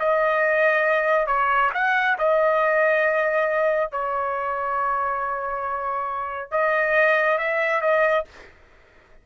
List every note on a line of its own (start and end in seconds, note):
0.00 1.27 D#5
1.27 1.71 C#5
1.74 2.18 F#5
2.19 3.92 D#5
3.92 6.51 C#5
6.51 7.38 D#5
7.38 7.81 E5
7.81 8.25 D#5